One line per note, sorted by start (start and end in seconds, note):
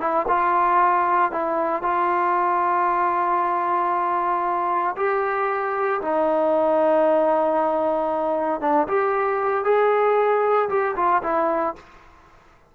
0.00 0.26 E4
0.28 1.31 F4
1.31 1.83 E4
1.83 4.96 F4
4.97 6.01 G4
6.01 8.61 D#4
8.61 8.87 D4
8.88 9.64 G4
9.64 10.69 G#4
10.69 10.95 G4
10.96 11.22 F4
11.23 11.75 E4